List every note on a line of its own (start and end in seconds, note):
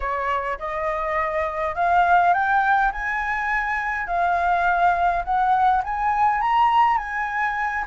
0.00 0.58 C#5
0.58 1.75 D#5
1.75 2.33 F5
2.33 2.91 G5
2.92 4.06 G#5
4.06 5.23 F5
5.24 5.82 F#5
5.83 6.41 G#5
6.41 6.97 A#5
6.97 7.85 G#5